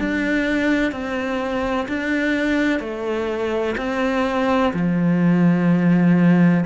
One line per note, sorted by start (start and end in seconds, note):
0.00 0.92 D4
0.92 1.87 C4
1.88 2.80 D4
2.80 3.75 A3
3.77 4.73 C4
4.74 6.65 F3